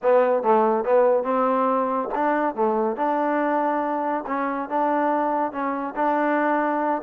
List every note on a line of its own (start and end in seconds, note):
0.02 0.43 B3
0.43 0.84 A3
0.84 1.23 B3
1.23 2.09 C4
2.15 2.55 D4
2.55 2.96 A3
2.96 4.24 D4
4.26 4.69 C#4
4.69 5.52 D4
5.52 5.94 C#4
5.95 7.02 D4